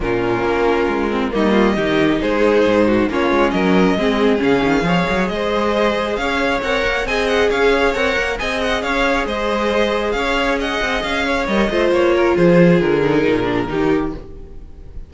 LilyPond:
<<
  \new Staff \with { instrumentName = "violin" } { \time 4/4 \tempo 4 = 136 ais'2. dis''4~ | dis''4 c''2 cis''4 | dis''2 f''2 | dis''2 f''4 fis''4 |
gis''8 fis''8 f''4 fis''4 gis''8 fis''8 | f''4 dis''2 f''4 | fis''4 f''4 dis''4 cis''4 | c''4 ais'2. | }
  \new Staff \with { instrumentName = "violin" } { \time 4/4 f'2. dis'8 f'8 | g'4 gis'4. fis'8 f'4 | ais'4 gis'2 cis''4 | c''2 cis''2 |
dis''4 cis''2 dis''4 | cis''4 c''2 cis''4 | dis''4. cis''4 c''4 ais'8 | gis'2. g'4 | }
  \new Staff \with { instrumentName = "viola" } { \time 4/4 cis'2~ cis'8 c'8 ais4 | dis'2. cis'4~ | cis'4 c'4 cis'4 gis'4~ | gis'2. ais'4 |
gis'2 ais'4 gis'4~ | gis'1~ | gis'2 ais'8 f'4.~ | f'4. dis'4 d'8 dis'4 | }
  \new Staff \with { instrumentName = "cello" } { \time 4/4 ais,4 ais4 gis4 g4 | dis4 gis4 gis,4 ais8 gis8 | fis4 gis4 cis8 dis8 f8 fis8 | gis2 cis'4 c'8 ais8 |
c'4 cis'4 c'8 ais8 c'4 | cis'4 gis2 cis'4~ | cis'8 c'8 cis'4 g8 a8 ais4 | f4 d4 ais,4 dis4 | }
>>